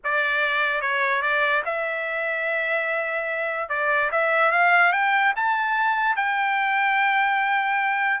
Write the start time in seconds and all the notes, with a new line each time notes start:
0.04 D5
0.81 C#5
1.21 D5
1.65 E5
3.69 D5
4.11 E5
4.51 F5
4.92 G5
5.35 A5
6.16 G5